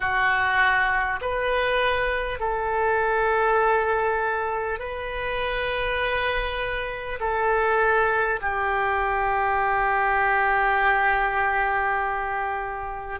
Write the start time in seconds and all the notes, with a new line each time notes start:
0.00 F#4
1.21 B4
2.39 A4
4.79 B4
7.20 A4
8.41 G4